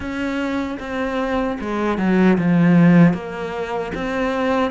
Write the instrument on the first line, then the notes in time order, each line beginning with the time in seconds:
cello
0.00 C#4
0.79 C4
1.60 G#3
1.98 F#3
2.38 F3
3.13 A#3
3.94 C4